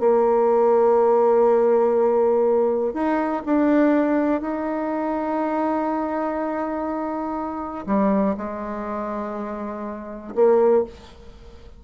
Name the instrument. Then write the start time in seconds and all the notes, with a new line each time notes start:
bassoon
0.00 A#3
2.94 D#4
3.46 D4
4.42 D#4
7.87 G3
8.38 G#3
10.35 A#3